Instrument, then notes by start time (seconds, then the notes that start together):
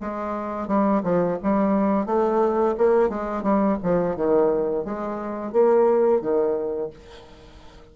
bassoon
0.00 G#3
0.67 G3
1.03 F3
1.42 G3
2.06 A3
2.77 A#3
3.09 G#3
3.43 G3
3.82 F3
4.15 D#3
4.84 G#3
5.52 A#3
6.21 D#3